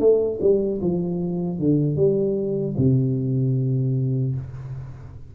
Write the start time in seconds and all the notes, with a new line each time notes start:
0.00 A3
0.41 G3
0.81 F3
1.59 D3
1.96 G3
2.77 C3